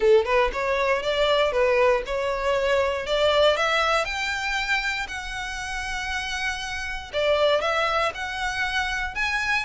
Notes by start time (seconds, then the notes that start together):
0.00 A4
0.25 B4
0.52 C#5
1.02 D5
1.51 B4
2.05 C#5
3.06 D5
3.56 E5
4.04 G5
5.08 F#5
7.13 D5
7.61 E5
8.14 F#5
9.14 G#5